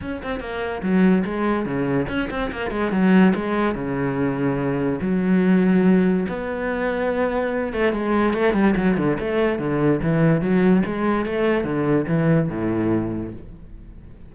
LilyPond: \new Staff \with { instrumentName = "cello" } { \time 4/4 \tempo 4 = 144 cis'8 c'8 ais4 fis4 gis4 | cis4 cis'8 c'8 ais8 gis8 fis4 | gis4 cis2. | fis2. b4~ |
b2~ b8 a8 gis4 | a8 g8 fis8 d8 a4 d4 | e4 fis4 gis4 a4 | d4 e4 a,2 | }